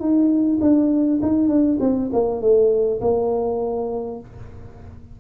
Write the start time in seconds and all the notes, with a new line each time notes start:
0.00 D#4
0.61 D4
1.22 D#4
1.49 D4
1.80 C4
2.13 A#3
2.41 A3
3.01 A#3